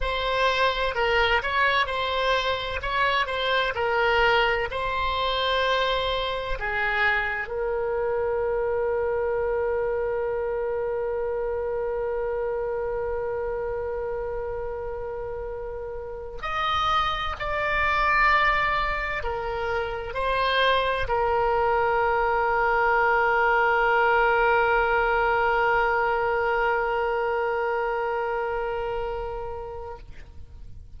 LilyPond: \new Staff \with { instrumentName = "oboe" } { \time 4/4 \tempo 4 = 64 c''4 ais'8 cis''8 c''4 cis''8 c''8 | ais'4 c''2 gis'4 | ais'1~ | ais'1~ |
ais'4. dis''4 d''4.~ | d''8 ais'4 c''4 ais'4.~ | ais'1~ | ais'1 | }